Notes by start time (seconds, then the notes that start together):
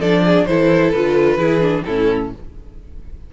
0.00 F3 D4 A4 D5
0.25 G#4
0.46 E3 E4 A4 C5
0.91 D3 F4 B4
1.38 E3 E4 G#4
1.61 D4
1.85 A2 C#4 E4 A4